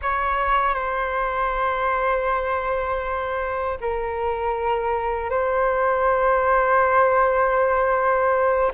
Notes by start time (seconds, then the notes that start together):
0.02 C#5
0.74 C5
3.80 A#4
5.30 C5